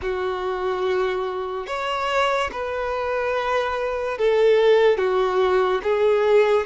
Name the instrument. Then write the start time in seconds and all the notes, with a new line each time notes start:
violin
0.02 F#4
1.67 C#5
2.52 B4
4.18 A4
4.97 F#4
5.83 G#4